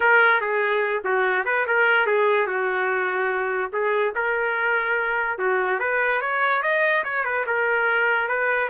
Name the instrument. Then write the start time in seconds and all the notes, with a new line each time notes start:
trumpet
0.00 A#4
0.40 G#4
1.04 F#4
1.45 B4
1.66 A#4
2.06 G#4
2.46 F#4
3.72 G#4
4.15 A#4
5.38 F#4
5.79 B4
6.21 C#5
6.62 D#5
7.04 C#5
7.24 B4
7.46 A#4
8.28 B4